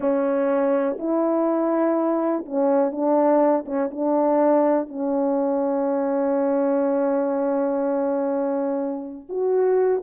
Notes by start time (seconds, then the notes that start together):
0.00 C#4
0.98 E4
2.45 C#4
2.91 D4
3.65 C#4
3.90 D4
4.88 C#4
9.29 F#4